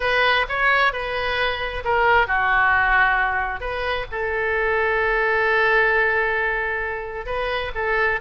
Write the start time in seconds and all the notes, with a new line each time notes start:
0.00 B4
0.48 C#5
0.92 B4
1.84 A#4
2.27 F#4
3.60 B4
4.11 A4
7.26 B4
7.74 A4